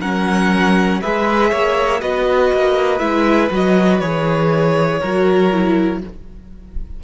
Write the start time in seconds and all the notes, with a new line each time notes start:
0.00 F#3 C#4 A#4 F#5
1.01 G#3 G#4 B4 E5
1.50 A#3 C#5
2.00 B3 F#4 B4 D#5
2.53 A#3
2.99 G#3 E4 E5
3.51 F#3 F#4 D#5
3.99 E3 G#4 C#5
4.99 F#3 F#4 A#4
5.52 E4